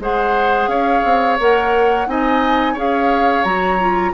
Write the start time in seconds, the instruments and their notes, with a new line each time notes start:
0.00 bassoon G#3, clarinet G#4, oboe C5, flute F#5
0.68 bassoon C#4, oboe C#5, flute F5
1.05 bassoon C4
1.40 bassoon A#3, clarinet A#4, flute F#5
2.07 bassoon C4, clarinet D#4, oboe D#5, flute G#5
2.74 bassoon C#4, clarinet G#4, oboe C#5, flute F5
3.44 bassoon F#3, clarinet F#4, flute A#5
3.80 clarinet F4